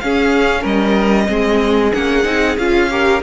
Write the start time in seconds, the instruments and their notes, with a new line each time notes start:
0.00 viola C#4, cello C#4, violin G#4 F5
0.61 cello G3, violin A#4 D#5
1.27 cello G#3, viola C4, violin G#4
1.93 cello A#3, viola C#4, violin F#5
2.25 cello C4, viola D#4
2.58 cello C#4, viola F4, violin F5
2.91 viola G4, violin A#4